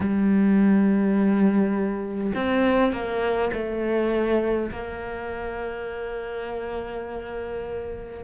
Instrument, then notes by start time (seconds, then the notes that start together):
cello
0.00 G3
2.35 C4
2.92 A#3
3.53 A3
4.71 A#3